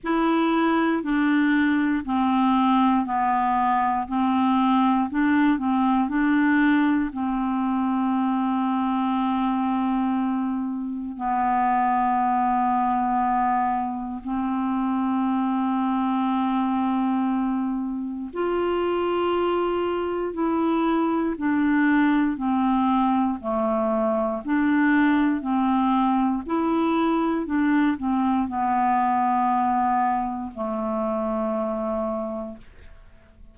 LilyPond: \new Staff \with { instrumentName = "clarinet" } { \time 4/4 \tempo 4 = 59 e'4 d'4 c'4 b4 | c'4 d'8 c'8 d'4 c'4~ | c'2. b4~ | b2 c'2~ |
c'2 f'2 | e'4 d'4 c'4 a4 | d'4 c'4 e'4 d'8 c'8 | b2 a2 | }